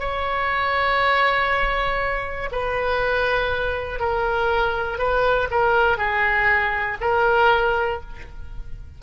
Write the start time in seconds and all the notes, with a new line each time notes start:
0.00 C#5
2.52 B4
4.00 A#4
4.98 B4
5.51 A#4
5.98 G#4
7.01 A#4